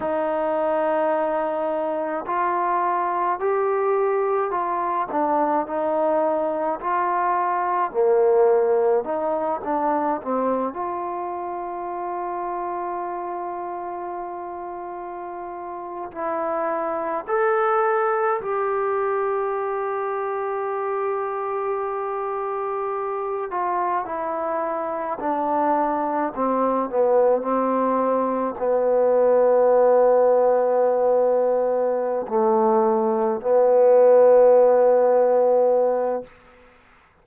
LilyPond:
\new Staff \with { instrumentName = "trombone" } { \time 4/4 \tempo 4 = 53 dis'2 f'4 g'4 | f'8 d'8 dis'4 f'4 ais4 | dis'8 d'8 c'8 f'2~ f'8~ | f'2~ f'16 e'4 a'8.~ |
a'16 g'2.~ g'8.~ | g'8. f'8 e'4 d'4 c'8 b16~ | b16 c'4 b2~ b8.~ | b8 a4 b2~ b8 | }